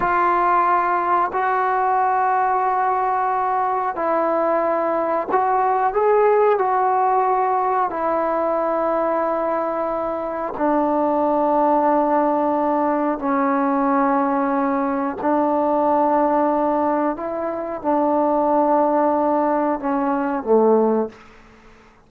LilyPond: \new Staff \with { instrumentName = "trombone" } { \time 4/4 \tempo 4 = 91 f'2 fis'2~ | fis'2 e'2 | fis'4 gis'4 fis'2 | e'1 |
d'1 | cis'2. d'4~ | d'2 e'4 d'4~ | d'2 cis'4 a4 | }